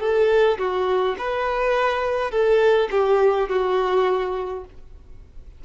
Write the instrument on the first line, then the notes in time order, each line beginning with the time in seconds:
violin
0.00 A4
0.58 F#4
1.18 B4
2.31 A4
2.91 G4
3.49 F#4